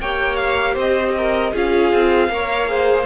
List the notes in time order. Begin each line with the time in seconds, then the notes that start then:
0.00 A#3 G4 C#5 G5
0.36 F5
0.73 C4 C5 D#5
1.17 A#4
1.53 C#4 F4 G#4 F5
1.93 C4
2.29 A#3 A#4 C#5
2.66 G#4 C5